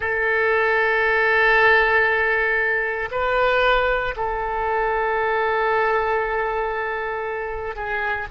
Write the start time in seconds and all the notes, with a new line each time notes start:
0.00 A4
3.11 B4
4.16 A4
7.75 G#4